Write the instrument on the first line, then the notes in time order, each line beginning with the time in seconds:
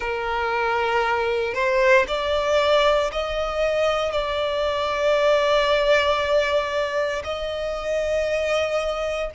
violin
0.00 A#4
1.53 C5
2.07 D5
3.11 D#5
4.11 D5
7.24 D#5